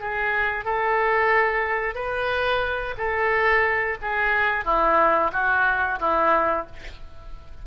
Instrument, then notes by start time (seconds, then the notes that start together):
oboe
0.00 G#4
0.65 A4
1.95 B4
2.98 A4
4.02 G#4
4.65 E4
5.32 F#4
6.00 E4